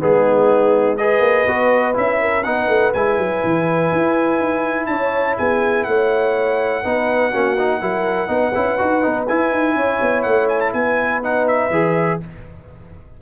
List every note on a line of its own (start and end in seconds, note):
0.00 1.20 G#3
0.00 0.98 B3
0.00 0.99 D#4
0.00 0.97 G#4
0.97 1.48 G#4
0.97 2.21 B4
0.97 1.95 D#5
1.20 1.44 A#3
1.47 1.96 B3
1.47 1.94 F#4
1.94 2.45 C#4
1.94 2.43 E4
1.94 2.44 E5
2.21 2.45 A#4
2.44 2.68 B3
2.44 2.94 D#4
2.44 4.90 B4
2.44 2.93 F#5
2.68 2.92 A3
2.94 3.18 G#3
2.94 6.84 E4
2.94 4.87 G#5
3.18 3.42 F#3
3.44 3.92 E3
3.92 4.40 E4
4.40 4.88 D#4
4.87 5.37 C#4
4.87 5.37 C#5
4.87 5.35 A5
5.37 5.87 B3
5.37 5.86 G#4
5.37 5.84 G#5
5.84 6.85 A3
5.84 6.83 C#5
5.84 9.26 F#5
6.83 7.34 B3
6.83 7.33 D#4
6.83 7.31 B4
7.31 7.82 A#3
7.31 7.58 C#4
7.31 7.80 F#4
7.59 7.81 D#4
7.81 8.28 F#3
7.81 8.28 E4
7.81 8.30 A#4
8.28 8.53 B3
8.28 8.52 D#4
8.28 9.77 B4
8.55 8.80 C#4
8.55 8.79 E4
8.79 9.06 D#4
8.79 9.03 F#4
9.03 9.30 B3
9.03 9.27 D#4
9.28 11.23 E4
9.28 9.52 E4
9.28 10.23 G#5
9.52 9.76 D#4
9.76 10.00 C#4
9.76 10.74 C#5
10.02 10.26 B3
10.23 10.74 A3
10.23 10.47 F#5
10.49 10.60 G#5
10.60 10.73 A5
10.73 11.71 B3
10.73 12.22 B4
10.73 11.22 G#5
11.23 11.72 D#4
11.23 11.48 F#5
11.48 12.21 E5
11.71 12.19 E3
11.71 12.21 G#4